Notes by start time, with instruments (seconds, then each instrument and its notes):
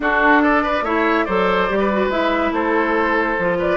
0.00 clarinet D4, bassoon D4, oboe F#4, flute A4
0.42 oboe A4, flute D5
0.62 oboe B4
0.82 bassoon A3, clarinet E4, oboe C#5, flute E5
1.24 bassoon F#3, clarinet A4, oboe C5, flute D5
1.69 bassoon G3, clarinet G4
1.79 oboe B4
1.92 clarinet F#4
2.08 bassoon G#3, clarinet E4, flute E5
2.51 bassoon A3, oboe A4, flute C5
3.38 bassoon F3, clarinet F4
3.58 oboe B4, flute D5